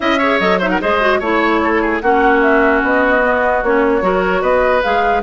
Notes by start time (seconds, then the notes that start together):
0.00 C#4 E4 D#5 E5
0.18 G#4 C#5
0.39 F#3 A4 D#5
0.58 D#4 C5 E5
0.69 A#4 F#5
0.81 G#3 G#4 C5 D#5
1.00 F#4
1.19 A3 E4 C#5
1.63 A4
1.81 G#4
2.00 A#3 C#4 F#4 F#5
2.41 E5
2.82 B3 D#5
3.22 B3
3.62 A#3 C#4 C#5
4.01 F#3 F#4 A#4
4.41 B3 B4 D#5
4.82 G#3 G#4 F5